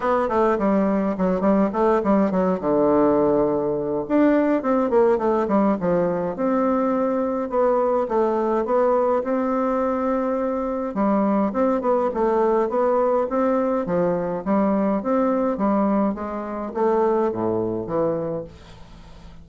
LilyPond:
\new Staff \with { instrumentName = "bassoon" } { \time 4/4 \tempo 4 = 104 b8 a8 g4 fis8 g8 a8 g8 | fis8 d2~ d8 d'4 | c'8 ais8 a8 g8 f4 c'4~ | c'4 b4 a4 b4 |
c'2. g4 | c'8 b8 a4 b4 c'4 | f4 g4 c'4 g4 | gis4 a4 a,4 e4 | }